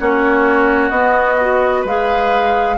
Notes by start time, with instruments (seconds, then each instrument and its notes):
0.00 bassoon A#3, clarinet C#4, oboe F#4, flute C#5
0.90 bassoon B3, clarinet B3, flute D#5
1.41 clarinet F#4
1.82 bassoon G#3, clarinet G#4, oboe B4, flute F5